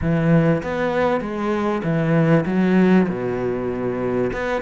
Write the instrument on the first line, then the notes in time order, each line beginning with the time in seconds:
cello
0.01 E3
0.63 B3
1.21 G#3
1.83 E3
2.46 F#3
3.08 B2
4.32 B3